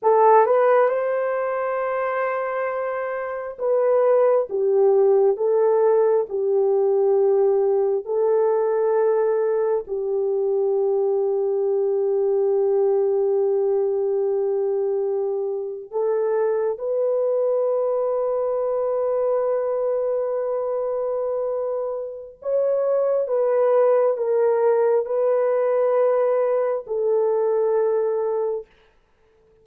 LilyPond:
\new Staff \with { instrumentName = "horn" } { \time 4/4 \tempo 4 = 67 a'8 b'8 c''2. | b'4 g'4 a'4 g'4~ | g'4 a'2 g'4~ | g'1~ |
g'4.~ g'16 a'4 b'4~ b'16~ | b'1~ | b'4 cis''4 b'4 ais'4 | b'2 a'2 | }